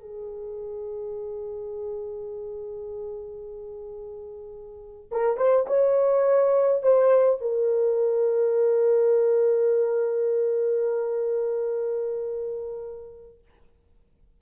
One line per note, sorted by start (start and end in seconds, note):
0.00 5.10 G#4
5.11 5.37 A#4
5.37 5.66 C5
5.67 6.82 C#5
6.82 7.41 C5
7.41 13.38 A#4